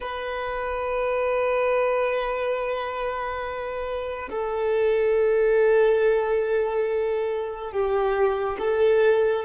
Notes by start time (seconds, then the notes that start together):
0.00 B4
4.29 A4
7.71 G4
8.58 A4